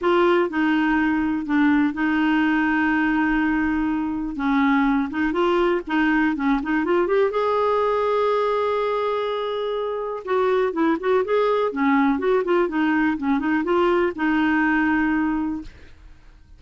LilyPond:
\new Staff \with { instrumentName = "clarinet" } { \time 4/4 \tempo 4 = 123 f'4 dis'2 d'4 | dis'1~ | dis'4 cis'4. dis'8 f'4 | dis'4 cis'8 dis'8 f'8 g'8 gis'4~ |
gis'1~ | gis'4 fis'4 e'8 fis'8 gis'4 | cis'4 fis'8 f'8 dis'4 cis'8 dis'8 | f'4 dis'2. | }